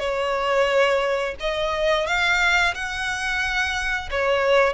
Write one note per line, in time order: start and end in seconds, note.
0.00 1.35 C#5
1.40 2.07 D#5
2.07 2.74 F5
2.75 4.10 F#5
4.11 4.74 C#5